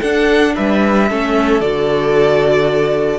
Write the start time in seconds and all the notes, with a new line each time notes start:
0.00 D4 A4 F#5
0.55 G3 B4 E5
1.09 A3 C#4 A4
1.61 D3 F#4 D5